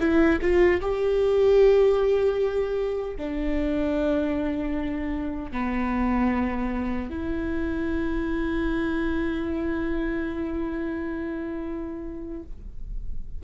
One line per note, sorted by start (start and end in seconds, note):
0.00 0.39 E4
0.42 0.81 F4
0.81 3.18 G4
3.18 5.52 D4
5.52 7.10 B3
7.10 12.43 E4